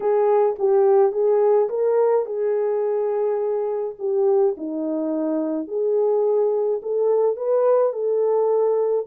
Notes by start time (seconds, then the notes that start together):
0.00 G#4
0.58 G4
1.12 G#4
1.69 A#4
2.25 G#4
3.99 G4
4.57 D#4
5.67 G#4
6.82 A4
7.36 B4
7.92 A4